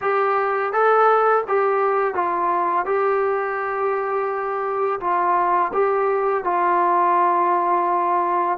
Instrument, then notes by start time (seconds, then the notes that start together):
trombone
0.01 G4
0.72 A4
1.48 G4
2.14 F4
2.85 G4
5.00 F4
5.73 G4
6.44 F4